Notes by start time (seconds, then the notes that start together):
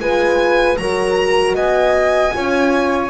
0.00 G#3 F4 B4 G#5
0.78 F#3 F#4 A#4 A#5
1.55 B3 D#5 G#5
2.34 C#4 F4 C#5